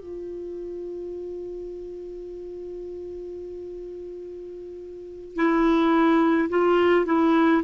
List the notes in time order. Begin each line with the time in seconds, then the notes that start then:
0.00 F4
5.36 E4
6.49 F4
7.06 E4